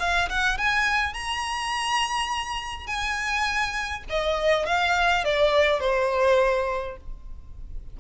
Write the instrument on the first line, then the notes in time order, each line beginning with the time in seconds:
violin
0.00 F5
0.29 F#5
0.58 G#5
1.14 A#5
2.87 G#5
4.10 D#5
4.66 F5
5.25 D5
5.80 C5